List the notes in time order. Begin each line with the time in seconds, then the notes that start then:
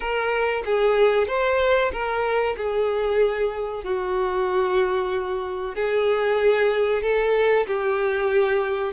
0.00 A#4
0.65 G#4
1.27 C5
1.92 A#4
2.56 G#4
3.83 F#4
5.74 G#4
7.02 A4
7.67 G4